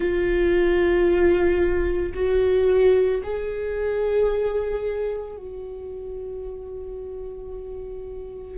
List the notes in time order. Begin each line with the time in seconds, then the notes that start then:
0.00 F4
2.14 F#4
3.23 G#4
5.36 F#4